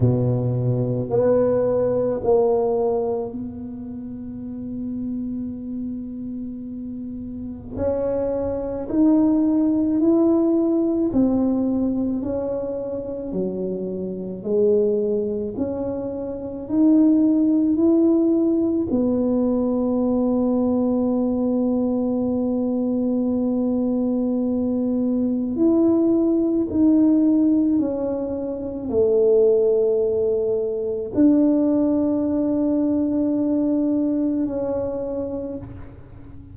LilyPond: \new Staff \with { instrumentName = "tuba" } { \time 4/4 \tempo 4 = 54 b,4 b4 ais4 b4~ | b2. cis'4 | dis'4 e'4 c'4 cis'4 | fis4 gis4 cis'4 dis'4 |
e'4 b2.~ | b2. e'4 | dis'4 cis'4 a2 | d'2. cis'4 | }